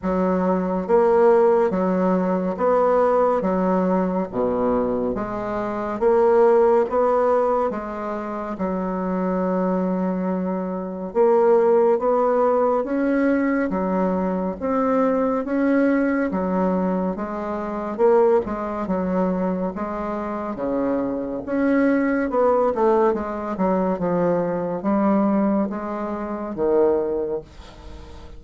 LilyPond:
\new Staff \with { instrumentName = "bassoon" } { \time 4/4 \tempo 4 = 70 fis4 ais4 fis4 b4 | fis4 b,4 gis4 ais4 | b4 gis4 fis2~ | fis4 ais4 b4 cis'4 |
fis4 c'4 cis'4 fis4 | gis4 ais8 gis8 fis4 gis4 | cis4 cis'4 b8 a8 gis8 fis8 | f4 g4 gis4 dis4 | }